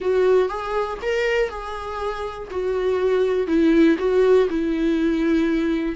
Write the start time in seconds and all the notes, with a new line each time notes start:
0.00 F#4
0.48 G#4
1.02 A#4
1.49 G#4
2.50 F#4
3.47 E4
3.98 F#4
4.49 E4